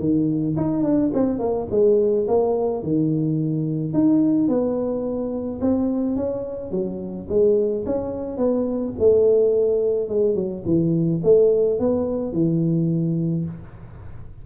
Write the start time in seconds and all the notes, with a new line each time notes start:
0.00 D#3
0.57 D#4
0.84 D4
1.14 C4
1.39 A#3
1.71 G#3
2.28 A#3
2.83 D#3
3.94 D#4
4.49 B3
5.61 C4
6.17 C#4
6.72 F#3
7.29 G#3
7.87 C#4
8.38 B3
9.00 A3
10.10 G#3
10.35 F#3
10.66 E3
11.24 A3
11.80 B3
12.33 E3